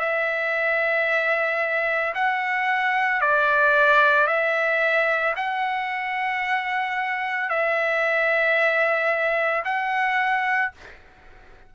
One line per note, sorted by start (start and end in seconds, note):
0.00 2.14 E5
2.15 3.21 F#5
3.21 4.27 D5
4.27 5.34 E5
5.37 7.50 F#5
7.50 9.64 E5
9.65 10.72 F#5